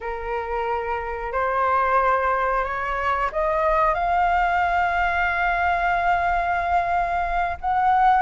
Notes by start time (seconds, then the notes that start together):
0.01 A#4
1.32 C5
2.64 C#5
3.32 D#5
3.94 F5
7.61 F#5